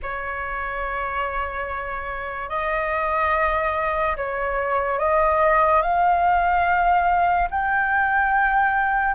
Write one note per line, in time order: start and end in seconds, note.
0.02 2.49 C#5
2.49 4.16 D#5
4.16 4.98 C#5
4.98 5.81 D#5
5.81 7.48 F5
7.50 9.14 G5